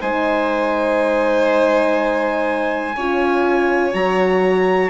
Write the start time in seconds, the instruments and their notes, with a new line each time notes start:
0.00 bassoon G#3, horn D#4, violin C5, trumpet G#5
2.95 bassoon C#4, horn F4, violin C#5
3.93 bassoon F#3, horn F#4, trumpet A#5